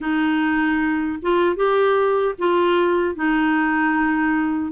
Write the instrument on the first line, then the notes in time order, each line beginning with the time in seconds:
clarinet
0.00 D#4
1.22 F4
1.55 G4
2.38 F4
3.15 D#4